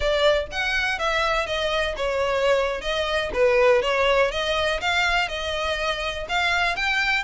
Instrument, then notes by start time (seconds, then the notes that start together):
violin
0.00 D5
0.51 F#5
0.98 E5
1.46 D#5
1.96 C#5
2.81 D#5
3.33 B4
3.82 C#5
4.31 D#5
4.80 F5
5.28 D#5
6.28 F5
6.76 G5